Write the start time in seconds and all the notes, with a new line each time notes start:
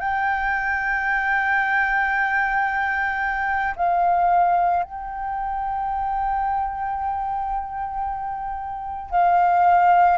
0.00 G5
3.76 F5
4.84 G5
9.11 F5